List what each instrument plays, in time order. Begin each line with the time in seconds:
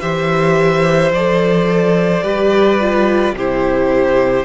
0.00 cello E3, viola G4, violin C5 E5
1.11 cello F3, viola A4, violin D5
2.23 cello G3, viola G4, violin B4
2.80 viola F4
3.32 cello C3, viola E4, violin G4 C5